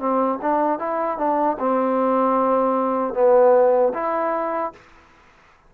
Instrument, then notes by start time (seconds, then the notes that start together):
trombone
0.00 C4
0.42 D4
0.79 E4
1.18 D4
1.59 C4
3.14 B3
3.94 E4